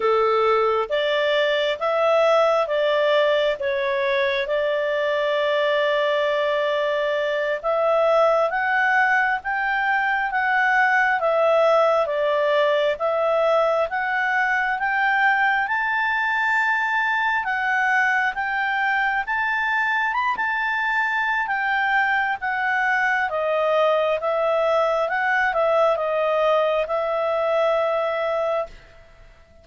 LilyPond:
\new Staff \with { instrumentName = "clarinet" } { \time 4/4 \tempo 4 = 67 a'4 d''4 e''4 d''4 | cis''4 d''2.~ | d''8 e''4 fis''4 g''4 fis''8~ | fis''8 e''4 d''4 e''4 fis''8~ |
fis''8 g''4 a''2 fis''8~ | fis''8 g''4 a''4 b''16 a''4~ a''16 | g''4 fis''4 dis''4 e''4 | fis''8 e''8 dis''4 e''2 | }